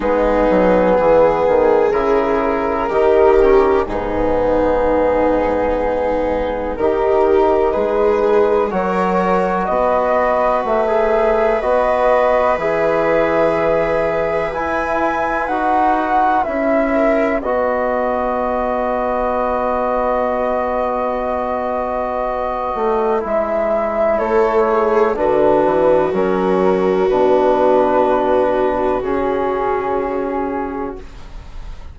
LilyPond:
<<
  \new Staff \with { instrumentName = "flute" } { \time 4/4 \tempo 4 = 62 gis'2 ais'2 | gis'2. ais'4 | b'4 cis''4 dis''4 e''4 | dis''4 e''2 gis''4 |
fis''4 e''4 dis''2~ | dis''1 | e''4 cis''4 b'4 ais'4 | b'2 gis'2 | }
  \new Staff \with { instrumentName = "viola" } { \time 4/4 dis'4 gis'2 g'4 | dis'2. g'4 | gis'4 ais'4 b'2~ | b'1~ |
b'4. ais'8 b'2~ | b'1~ | b'4 a'8 gis'8 fis'2~ | fis'1 | }
  \new Staff \with { instrumentName = "trombone" } { \time 4/4 b2 e'4 dis'8 cis'8 | b2. dis'4~ | dis'4 fis'2~ fis'16 gis'8. | fis'4 gis'2 e'4 |
fis'4 e'4 fis'2~ | fis'1 | e'2 d'4 cis'4 | d'2 cis'2 | }
  \new Staff \with { instrumentName = "bassoon" } { \time 4/4 gis8 fis8 e8 dis8 cis4 dis4 | gis,2. dis4 | gis4 fis4 b4 a4 | b4 e2 e'4 |
dis'4 cis'4 b2~ | b2.~ b8 a8 | gis4 a4 d8 e8 fis4 | b,2 cis2 | }
>>